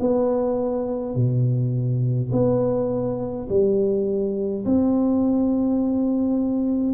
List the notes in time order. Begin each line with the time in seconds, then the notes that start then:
0.00 B3
1.15 B2
2.32 B3
3.50 G3
4.65 C4